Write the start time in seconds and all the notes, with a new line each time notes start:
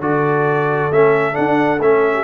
0.00 D3 F#4 A4 D5
0.92 A3 C#4 E5
1.33 D4 F#5
1.80 A3 C#4 E5
2.14 G4